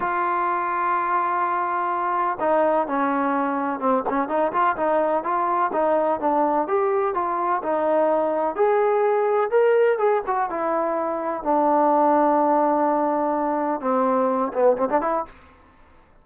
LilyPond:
\new Staff \with { instrumentName = "trombone" } { \time 4/4 \tempo 4 = 126 f'1~ | f'4 dis'4 cis'2 | c'8 cis'8 dis'8 f'8 dis'4 f'4 | dis'4 d'4 g'4 f'4 |
dis'2 gis'2 | ais'4 gis'8 fis'8 e'2 | d'1~ | d'4 c'4. b8 c'16 d'16 e'8 | }